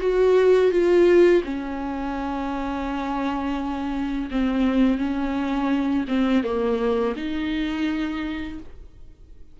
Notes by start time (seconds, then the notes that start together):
0.00 F#4
0.71 F4
1.44 C#4
4.31 C4
4.98 C#4
6.08 C4
6.44 A#3
7.16 D#4